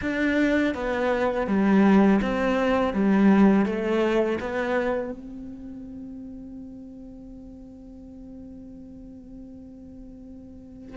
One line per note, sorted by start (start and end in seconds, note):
0.01 0.74 D4
0.74 1.47 B3
1.47 2.20 G3
2.21 2.93 C4
2.93 3.65 G3
3.65 4.38 A3
4.40 5.11 B3
5.11 10.96 C4